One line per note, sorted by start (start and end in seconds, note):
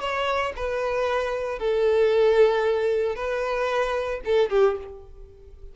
0.00 0.53 C#5
0.56 1.59 B4
1.59 3.16 A4
3.16 4.21 B4
4.25 4.50 A4
4.50 4.76 G4